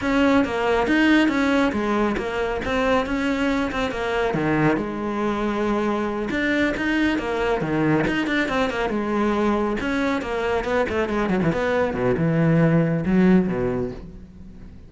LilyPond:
\new Staff \with { instrumentName = "cello" } { \time 4/4 \tempo 4 = 138 cis'4 ais4 dis'4 cis'4 | gis4 ais4 c'4 cis'4~ | cis'8 c'8 ais4 dis4 gis4~ | gis2~ gis8 d'4 dis'8~ |
dis'8 ais4 dis4 dis'8 d'8 c'8 | ais8 gis2 cis'4 ais8~ | ais8 b8 a8 gis8 fis16 e16 b4 b,8 | e2 fis4 b,4 | }